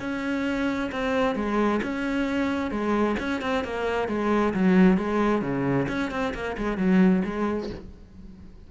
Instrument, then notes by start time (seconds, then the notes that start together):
cello
0.00 C#4
0.91 C4
1.35 G#3
1.82 C#4
2.70 G#3
3.19 C#4
3.41 C4
3.64 A#3
4.08 G#3
4.53 F#3
4.97 G#3
5.41 C#3
5.88 C#4
6.11 C4
6.34 A#3
6.57 G#3
6.77 F#3
7.24 G#3